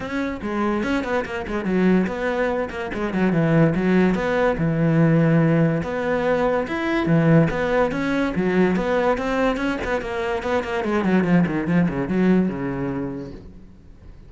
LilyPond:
\new Staff \with { instrumentName = "cello" } { \time 4/4 \tempo 4 = 144 cis'4 gis4 cis'8 b8 ais8 gis8 | fis4 b4. ais8 gis8 fis8 | e4 fis4 b4 e4~ | e2 b2 |
e'4 e4 b4 cis'4 | fis4 b4 c'4 cis'8 b8 | ais4 b8 ais8 gis8 fis8 f8 dis8 | f8 cis8 fis4 cis2 | }